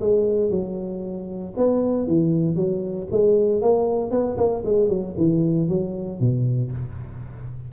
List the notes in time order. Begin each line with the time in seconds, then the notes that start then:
0.00 G#3
0.50 F#3
1.57 B3
2.07 E3
2.55 F#3
3.11 G#3
3.61 A#3
4.11 B3
4.37 A#3
4.64 G#3
4.89 F#3
5.17 E3
5.68 F#3
6.20 B2